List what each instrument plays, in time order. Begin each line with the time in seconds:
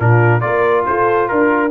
0.00 tuba A#2, trombone D4, horn F4, trumpet A#4
0.41 tuba A#3, trombone F4, horn A#4, trumpet D5
0.86 tuba F4, horn A4, trumpet C5
1.29 tuba D4, trumpet A#4, horn A#4